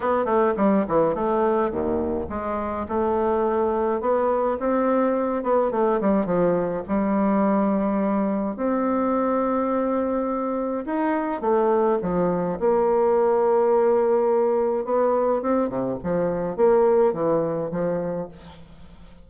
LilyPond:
\new Staff \with { instrumentName = "bassoon" } { \time 4/4 \tempo 4 = 105 b8 a8 g8 e8 a4 dis,4 | gis4 a2 b4 | c'4. b8 a8 g8 f4 | g2. c'4~ |
c'2. dis'4 | a4 f4 ais2~ | ais2 b4 c'8 c8 | f4 ais4 e4 f4 | }